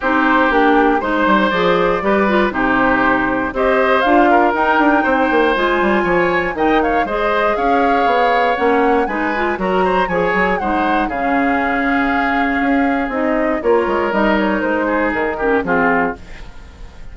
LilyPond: <<
  \new Staff \with { instrumentName = "flute" } { \time 4/4 \tempo 4 = 119 c''4 g'4 c''4 d''4~ | d''4 c''2 dis''4 | f''4 g''2 gis''4~ | gis''4 g''8 f''8 dis''4 f''4~ |
f''4 fis''4 gis''4 ais''4 | gis''4 fis''4 f''2~ | f''2 dis''4 cis''4 | dis''8 cis''8 c''4 ais'4 gis'4 | }
  \new Staff \with { instrumentName = "oboe" } { \time 4/4 g'2 c''2 | b'4 g'2 c''4~ | c''8 ais'4. c''2 | cis''4 dis''8 cis''8 c''4 cis''4~ |
cis''2 b'4 ais'8 c''8 | cis''4 c''4 gis'2~ | gis'2. ais'4~ | ais'4. gis'4 g'8 f'4 | }
  \new Staff \with { instrumentName = "clarinet" } { \time 4/4 dis'4 d'4 dis'4 gis'4 | g'8 f'8 dis'2 g'4 | f'4 dis'2 f'4~ | f'4 dis'4 gis'2~ |
gis'4 cis'4 dis'8 f'8 fis'4 | gis'4 dis'4 cis'2~ | cis'2 dis'4 f'4 | dis'2~ dis'8 cis'8 c'4 | }
  \new Staff \with { instrumentName = "bassoon" } { \time 4/4 c'4 ais4 gis8 g8 f4 | g4 c2 c'4 | d'4 dis'8 d'8 c'8 ais8 gis8 g8 | f4 dis4 gis4 cis'4 |
b4 ais4 gis4 fis4 | f8 fis8 gis4 cis2~ | cis4 cis'4 c'4 ais8 gis8 | g4 gis4 dis4 f4 | }
>>